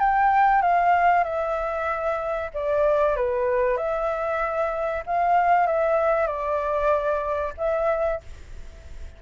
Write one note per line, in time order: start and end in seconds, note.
0.00 0.62 G5
0.62 1.24 F5
1.24 2.51 E5
2.54 3.16 D5
3.16 3.77 B4
3.77 5.04 E5
5.07 5.67 F5
5.67 6.27 E5
6.27 7.54 D5
7.58 8.21 E5